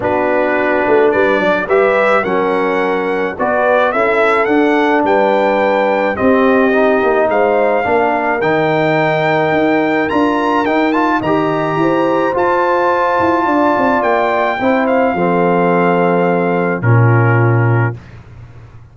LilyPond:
<<
  \new Staff \with { instrumentName = "trumpet" } { \time 4/4 \tempo 4 = 107 b'2 d''4 e''4 | fis''2 d''4 e''4 | fis''4 g''2 dis''4~ | dis''4 f''2 g''4~ |
g''2 ais''4 g''8 a''8 | ais''2 a''2~ | a''4 g''4. f''4.~ | f''2 ais'2 | }
  \new Staff \with { instrumentName = "horn" } { \time 4/4 fis'2 b'8 d''8 b'4 | ais'2 b'4 a'4~ | a'4 b'2 g'4~ | g'4 c''4 ais'2~ |
ais'1 | dis''4 c''2. | d''2 c''4 a'4~ | a'2 f'2 | }
  \new Staff \with { instrumentName = "trombone" } { \time 4/4 d'2. g'4 | cis'2 fis'4 e'4 | d'2. c'4 | dis'2 d'4 dis'4~ |
dis'2 f'4 dis'8 f'8 | g'2 f'2~ | f'2 e'4 c'4~ | c'2 cis'2 | }
  \new Staff \with { instrumentName = "tuba" } { \time 4/4 b4. a8 g8 fis8 g4 | fis2 b4 cis'4 | d'4 g2 c'4~ | c'8 ais8 gis4 ais4 dis4~ |
dis4 dis'4 d'4 dis'4 | dis4 e'4 f'4. e'8 | d'8 c'8 ais4 c'4 f4~ | f2 ais,2 | }
>>